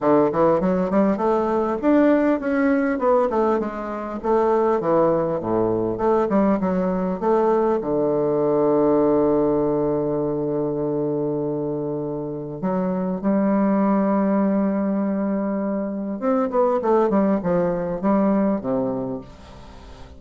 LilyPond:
\new Staff \with { instrumentName = "bassoon" } { \time 4/4 \tempo 4 = 100 d8 e8 fis8 g8 a4 d'4 | cis'4 b8 a8 gis4 a4 | e4 a,4 a8 g8 fis4 | a4 d2.~ |
d1~ | d4 fis4 g2~ | g2. c'8 b8 | a8 g8 f4 g4 c4 | }